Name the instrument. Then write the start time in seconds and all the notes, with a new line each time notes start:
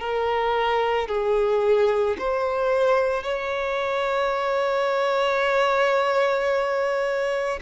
violin
0.00 A#4
1.08 G#4
2.18 C5
3.23 C#5